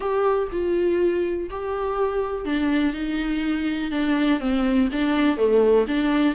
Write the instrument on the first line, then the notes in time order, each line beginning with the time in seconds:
viola
0.00 G4
0.51 F4
1.49 G4
2.45 D4
2.93 D#4
3.91 D4
4.40 C4
4.91 D4
5.37 A3
5.87 D4